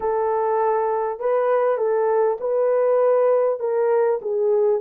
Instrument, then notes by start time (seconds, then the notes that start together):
horn
0.00 A4
1.19 B4
1.77 A4
2.40 B4
3.59 A#4
4.21 G#4